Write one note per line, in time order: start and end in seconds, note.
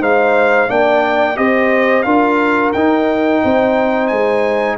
0.00 0.68 G#3
0.00 0.68 D#4
0.00 0.68 C5
0.00 0.70 F5
0.68 1.37 A#3
0.68 1.35 D4
0.68 1.37 D5
0.68 1.37 G5
1.35 2.04 C4
1.35 2.03 G4
1.35 2.05 C5
1.35 2.02 D#5
2.02 2.72 D4
2.02 2.73 F4
2.02 3.42 A#4
2.02 2.70 F5
2.72 3.42 D#4
2.72 4.77 D#4
2.72 4.07 G5
3.44 4.10 C4
3.44 4.77 C5
4.07 4.77 G#3
4.07 4.75 G#5